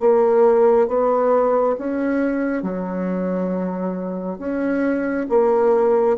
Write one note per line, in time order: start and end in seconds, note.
0.00 0.87 A#3
0.87 1.76 B3
1.78 2.62 C#4
2.62 4.38 F#3
4.38 5.26 C#4
5.29 6.17 A#3